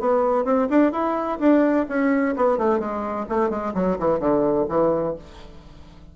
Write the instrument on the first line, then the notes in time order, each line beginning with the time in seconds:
bassoon
0.00 B3
0.45 C4
0.70 D4
0.92 E4
1.39 D4
1.89 C#4
2.36 B3
2.58 A3
2.80 G#3
3.29 A3
3.50 G#3
3.74 F#3
3.99 E3
4.19 D3
4.69 E3